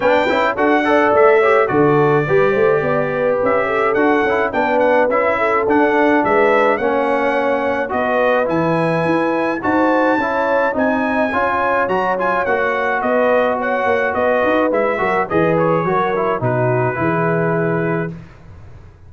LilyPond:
<<
  \new Staff \with { instrumentName = "trumpet" } { \time 4/4 \tempo 4 = 106 g''4 fis''4 e''4 d''4~ | d''2 e''4 fis''4 | g''8 fis''8 e''4 fis''4 e''4 | fis''2 dis''4 gis''4~ |
gis''4 a''2 gis''4~ | gis''4 ais''8 gis''8 fis''4 dis''4 | fis''4 dis''4 e''4 dis''8 cis''8~ | cis''4 b'2. | }
  \new Staff \with { instrumentName = "horn" } { \time 4/4 b'4 a'8 d''4 cis''8 a'4 | b'8 c''8 d''8 b'4 a'4. | b'4. a'4. b'4 | cis''2 b'2~ |
b'4 c''4 cis''4 dis''4 | cis''2. b'4 | cis''4 b'4. ais'8 b'4 | ais'4 fis'4 gis'2 | }
  \new Staff \with { instrumentName = "trombone" } { \time 4/4 d'8 e'8 fis'8 a'4 g'8 fis'4 | g'2. fis'8 e'8 | d'4 e'4 d'2 | cis'2 fis'4 e'4~ |
e'4 fis'4 e'4 dis'4 | f'4 fis'8 f'8 fis'2~ | fis'2 e'8 fis'8 gis'4 | fis'8 e'8 dis'4 e'2 | }
  \new Staff \with { instrumentName = "tuba" } { \time 4/4 b8 cis'8 d'4 a4 d4 | g8 a8 b4 cis'4 d'8 cis'8 | b4 cis'4 d'4 gis4 | ais2 b4 e4 |
e'4 dis'4 cis'4 c'4 | cis'4 fis4 ais4 b4~ | b8 ais8 b8 dis'8 gis8 fis8 e4 | fis4 b,4 e2 | }
>>